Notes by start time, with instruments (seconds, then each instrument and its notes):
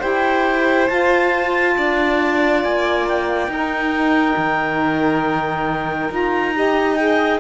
0.00 cello E4, saxophone G4, violin C5, clarinet G5
0.88 saxophone F4, cello F4, clarinet A5
1.78 cello D4, violin D5
2.64 cello A#3, clarinet G#5
3.08 clarinet G5
3.48 cello D#4, saxophone D#4, violin A#4
4.37 cello D#3
6.10 cello D#4, saxophone F4, clarinet A#5
6.54 saxophone G4, violin D#5
6.96 saxophone G#4, clarinet G5